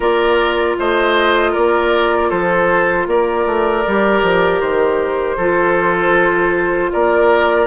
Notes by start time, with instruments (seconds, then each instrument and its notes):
0.00 bassoon A#3, clarinet F4, oboe A#4, flute D5
0.78 bassoon A3, oboe C5, flute D#5
1.51 bassoon A#3, oboe A#4, flute D5
2.29 bassoon F3, oboe A4, flute C5
3.06 bassoon A#3, oboe A#4, flute D5
3.46 bassoon A3
3.87 bassoon G3, clarinet G4
4.22 bassoon F3
4.61 bassoon D#3, flute C5
5.36 bassoon F3, clarinet F4, oboe A4
6.92 bassoon A#3, oboe A#4, flute D5